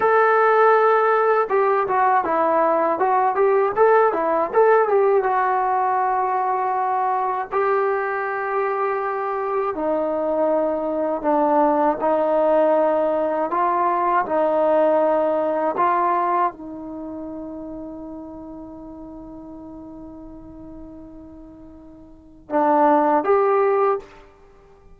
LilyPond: \new Staff \with { instrumentName = "trombone" } { \time 4/4 \tempo 4 = 80 a'2 g'8 fis'8 e'4 | fis'8 g'8 a'8 e'8 a'8 g'8 fis'4~ | fis'2 g'2~ | g'4 dis'2 d'4 |
dis'2 f'4 dis'4~ | dis'4 f'4 dis'2~ | dis'1~ | dis'2 d'4 g'4 | }